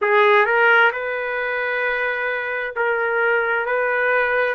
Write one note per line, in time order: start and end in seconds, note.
0.01 0.45 G#4
0.45 0.91 A#4
0.92 2.74 B4
2.76 3.66 A#4
3.66 4.55 B4